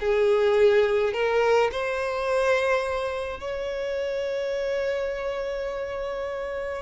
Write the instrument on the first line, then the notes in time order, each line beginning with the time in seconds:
violin
0.00 G#4
1.13 A#4
1.71 C5
3.40 C#5